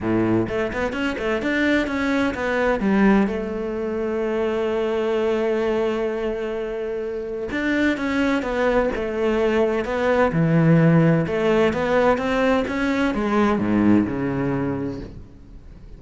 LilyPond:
\new Staff \with { instrumentName = "cello" } { \time 4/4 \tempo 4 = 128 a,4 a8 b8 cis'8 a8 d'4 | cis'4 b4 g4 a4~ | a1~ | a1 |
d'4 cis'4 b4 a4~ | a4 b4 e2 | a4 b4 c'4 cis'4 | gis4 gis,4 cis2 | }